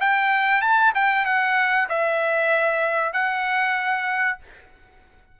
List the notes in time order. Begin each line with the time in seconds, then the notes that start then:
0.00 G5
0.61 A5
0.95 G5
1.26 F#5
1.89 E5
3.13 F#5